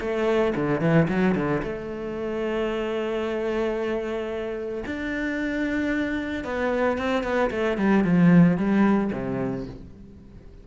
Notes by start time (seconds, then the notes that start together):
0.00 A3
0.55 D3
0.81 E3
1.08 F#3
1.35 D3
1.62 A3
4.86 D4
6.44 B3
6.98 C4
7.23 B3
7.50 A3
7.77 G3
8.04 F3
8.57 G3
9.12 C3